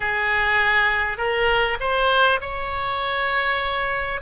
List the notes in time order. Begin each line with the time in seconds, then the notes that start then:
0.00 G#4
1.17 A#4
1.80 C5
2.40 C#5